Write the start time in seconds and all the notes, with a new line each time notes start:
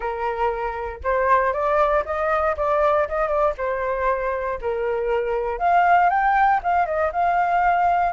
0.00 A#4
1.03 C5
1.53 D5
2.05 D#5
2.57 D5
3.08 D#5
3.28 D5
3.57 C5
4.61 A#4
5.58 F5
6.09 G5
6.63 F5
6.86 D#5
7.12 F5